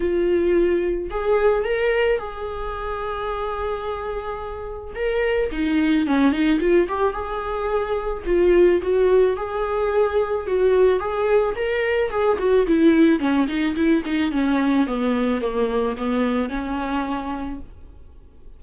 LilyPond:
\new Staff \with { instrumentName = "viola" } { \time 4/4 \tempo 4 = 109 f'2 gis'4 ais'4 | gis'1~ | gis'4 ais'4 dis'4 cis'8 dis'8 | f'8 g'8 gis'2 f'4 |
fis'4 gis'2 fis'4 | gis'4 ais'4 gis'8 fis'8 e'4 | cis'8 dis'8 e'8 dis'8 cis'4 b4 | ais4 b4 cis'2 | }